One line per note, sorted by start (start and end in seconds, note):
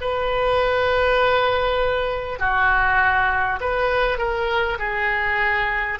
0.00 2.39 B4
2.39 3.59 F#4
3.60 4.18 B4
4.18 4.78 A#4
4.78 5.98 G#4